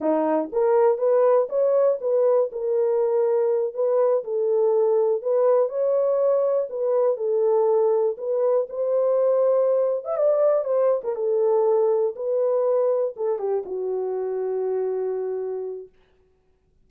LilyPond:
\new Staff \with { instrumentName = "horn" } { \time 4/4 \tempo 4 = 121 dis'4 ais'4 b'4 cis''4 | b'4 ais'2~ ais'8 b'8~ | b'8 a'2 b'4 cis''8~ | cis''4. b'4 a'4.~ |
a'8 b'4 c''2~ c''8~ | c''16 e''16 d''4 c''8. ais'16 a'4.~ | a'8 b'2 a'8 g'8 fis'8~ | fis'1 | }